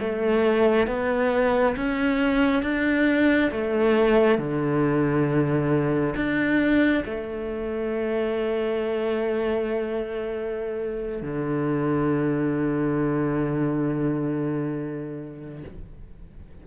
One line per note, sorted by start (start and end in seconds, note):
0.00 0.87 A3
0.87 1.75 B3
1.76 2.63 C#4
2.63 3.51 D4
3.52 4.38 A3
4.38 6.15 D3
6.16 7.04 D4
7.05 11.22 A3
11.22 15.63 D3